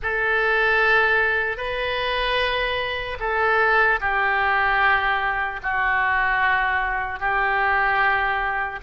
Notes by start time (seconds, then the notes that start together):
0.02 A4
1.57 B4
3.19 A4
4.00 G4
5.62 F#4
7.19 G4